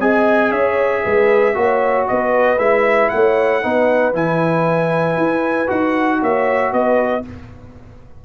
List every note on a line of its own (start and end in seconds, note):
0.00 0.52 C4
0.00 1.54 G#4
0.00 0.51 D#5
0.00 0.52 G#5
0.51 1.03 C#4
0.51 1.03 C#5
0.51 2.07 E5
1.03 1.56 G#3
1.03 1.55 B4
1.54 2.08 A#3
1.54 2.58 F#4
1.54 2.08 C#5
2.08 2.59 B3
2.08 3.12 B4
2.08 2.59 D#5
2.59 3.10 G#3
2.59 3.62 E4
2.59 3.09 E5
3.09 3.64 A3
3.09 3.62 C#5
3.09 4.13 F#5
3.62 4.14 B3
3.62 4.14 D#4
3.62 6.21 B4
4.14 5.17 E3
4.14 5.67 E4
4.14 5.70 G#5
5.17 5.69 E4
5.67 6.22 D#4
5.67 7.22 F#4
5.67 6.22 F#5
6.22 6.73 A#3
6.22 6.73 C#5
6.22 6.73 E5
6.73 7.24 B3
6.73 7.25 B4
6.73 7.25 D#5